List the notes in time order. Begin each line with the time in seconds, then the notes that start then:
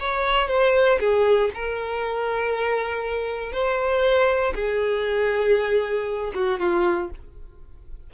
0.00 C#5
0.49 C5
1.00 G#4
1.54 A#4
3.52 C5
4.55 G#4
6.35 F#4
6.60 F4